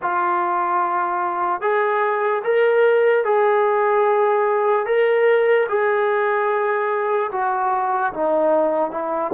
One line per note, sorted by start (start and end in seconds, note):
0.01 1.61 F4
1.61 2.42 G#4
2.44 3.24 A#4
3.24 4.85 G#4
4.85 5.66 A#4
5.68 7.30 G#4
7.32 8.13 F#4
8.13 8.90 D#4
8.90 9.31 E4